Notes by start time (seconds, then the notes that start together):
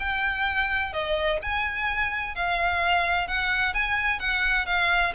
0.00 G5
0.93 D#5
1.43 G#5
2.35 F5
3.28 F#5
3.75 G#5
4.20 F#5
4.67 F5